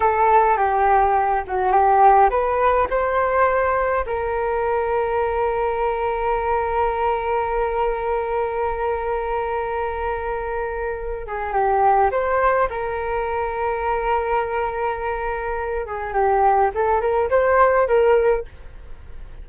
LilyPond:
\new Staff \with { instrumentName = "flute" } { \time 4/4 \tempo 4 = 104 a'4 g'4. fis'8 g'4 | b'4 c''2 ais'4~ | ais'1~ | ais'1~ |
ais'2.~ ais'8 gis'8 | g'4 c''4 ais'2~ | ais'2.~ ais'8 gis'8 | g'4 a'8 ais'8 c''4 ais'4 | }